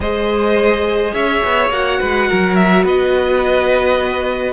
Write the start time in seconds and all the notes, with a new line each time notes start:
0.00 G#3 G#4 C5 D#5
1.13 C#4 C#5 E5
1.44 B3
1.69 A#3 F#4 F#5
2.00 G#3 B4
2.28 F#3 A#4
2.55 E5
2.84 B3 B4 D#5